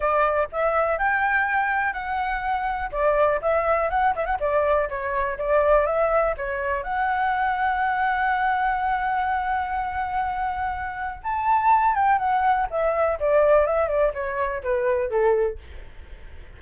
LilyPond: \new Staff \with { instrumentName = "flute" } { \time 4/4 \tempo 4 = 123 d''4 e''4 g''2 | fis''2 d''4 e''4 | fis''8 e''16 fis''16 d''4 cis''4 d''4 | e''4 cis''4 fis''2~ |
fis''1~ | fis''2. a''4~ | a''8 g''8 fis''4 e''4 d''4 | e''8 d''8 cis''4 b'4 a'4 | }